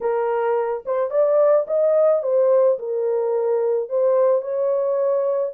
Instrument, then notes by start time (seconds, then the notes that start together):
horn
0.00 A#4
0.85 C5
1.10 D5
1.67 D#5
2.22 C5
2.79 A#4
3.89 C5
4.41 C#5